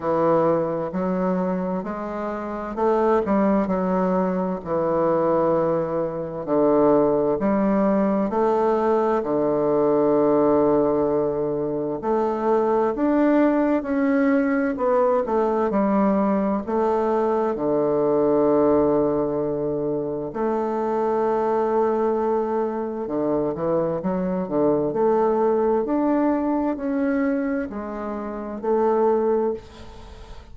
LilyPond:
\new Staff \with { instrumentName = "bassoon" } { \time 4/4 \tempo 4 = 65 e4 fis4 gis4 a8 g8 | fis4 e2 d4 | g4 a4 d2~ | d4 a4 d'4 cis'4 |
b8 a8 g4 a4 d4~ | d2 a2~ | a4 d8 e8 fis8 d8 a4 | d'4 cis'4 gis4 a4 | }